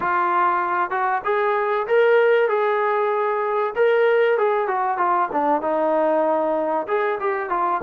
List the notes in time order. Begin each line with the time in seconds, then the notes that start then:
0.00 F4
0.90 F#4
1.24 G#4
1.87 A#4
2.48 G#4
3.75 A#4
4.38 G#4
4.67 F#4
4.97 F4
5.32 D4
5.61 D#4
6.87 G#4
7.20 G4
7.49 F4